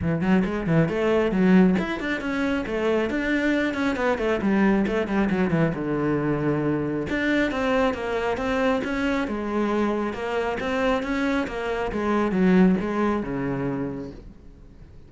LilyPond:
\new Staff \with { instrumentName = "cello" } { \time 4/4 \tempo 4 = 136 e8 fis8 gis8 e8 a4 fis4 | e'8 d'8 cis'4 a4 d'4~ | d'8 cis'8 b8 a8 g4 a8 g8 | fis8 e8 d2. |
d'4 c'4 ais4 c'4 | cis'4 gis2 ais4 | c'4 cis'4 ais4 gis4 | fis4 gis4 cis2 | }